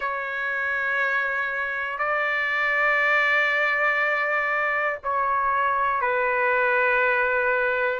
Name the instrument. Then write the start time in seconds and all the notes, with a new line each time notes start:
trumpet
0.00 C#5
1.98 D5
5.03 C#5
6.01 B4